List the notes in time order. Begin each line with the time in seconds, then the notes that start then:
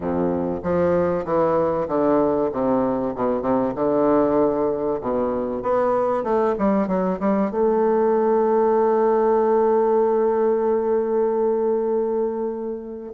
0.00 F2
0.62 F3
1.24 E3
1.88 D3
2.52 C3
3.15 B2
3.41 C3
3.75 D3
5.00 B2
5.62 B3
6.23 A3
6.58 G3
6.88 F#3
7.19 G3
7.50 A3